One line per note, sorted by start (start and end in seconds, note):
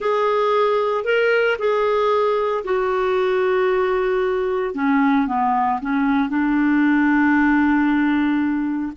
0.00 1.04 G#4
1.04 1.56 A#4
1.58 2.64 G#4
2.64 4.74 F#4
4.74 5.27 C#4
5.27 5.80 B3
5.81 6.29 C#4
6.29 8.92 D4